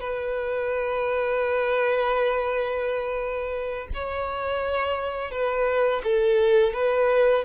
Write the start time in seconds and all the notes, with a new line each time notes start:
0.00 B4
3.94 C#5
5.31 B4
6.04 A4
6.73 B4